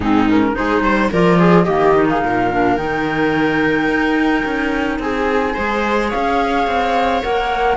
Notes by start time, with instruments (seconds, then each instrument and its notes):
0.00 cello G#2, clarinet C4, viola D#4, flute G#4
0.28 clarinet C#4, flute A#4
0.53 cello G#3, clarinet D#4, viola G#4, flute C5
0.81 cello G3, viola C5
1.11 cello F3, clarinet F4, viola A#4, flute D5
1.39 viola G#4
1.64 cello D#3, clarinet A#3, viola G4, flute D#5
1.95 clarinet D#4
2.08 viola G#4, flute F5
2.23 cello A#2, viola A#4
2.51 clarinet D4
2.77 cello D#3, clarinet D#4, flute G5
3.88 cello D#4
4.44 cello C#4
4.98 cello C4, viola G#4, flute G#5
5.54 cello G#3, clarinet G#4, viola C5
6.08 viola C#5, flute F5
6.14 cello C#4
6.66 cello C4
7.22 cello A#3, clarinet A#4, flute F#5